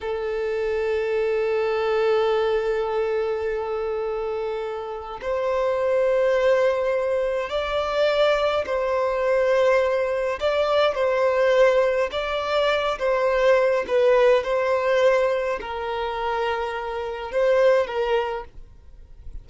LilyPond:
\new Staff \with { instrumentName = "violin" } { \time 4/4 \tempo 4 = 104 a'1~ | a'1~ | a'4 c''2.~ | c''4 d''2 c''4~ |
c''2 d''4 c''4~ | c''4 d''4. c''4. | b'4 c''2 ais'4~ | ais'2 c''4 ais'4 | }